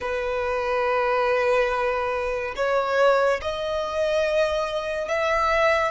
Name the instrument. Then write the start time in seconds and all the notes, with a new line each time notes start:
violin
0.00 B4
2.55 C#5
3.41 D#5
5.08 E5